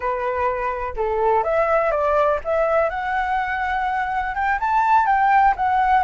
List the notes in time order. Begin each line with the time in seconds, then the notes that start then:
0.00 B4
0.96 A4
1.43 E5
1.91 D5
2.44 E5
2.89 F#5
4.34 G5
4.59 A5
5.06 G5
5.56 F#5